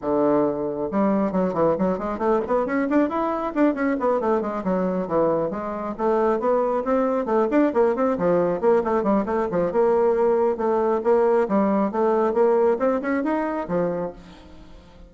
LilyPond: \new Staff \with { instrumentName = "bassoon" } { \time 4/4 \tempo 4 = 136 d2 g4 fis8 e8 | fis8 gis8 a8 b8 cis'8 d'8 e'4 | d'8 cis'8 b8 a8 gis8 fis4 e8~ | e8 gis4 a4 b4 c'8~ |
c'8 a8 d'8 ais8 c'8 f4 ais8 | a8 g8 a8 f8 ais2 | a4 ais4 g4 a4 | ais4 c'8 cis'8 dis'4 f4 | }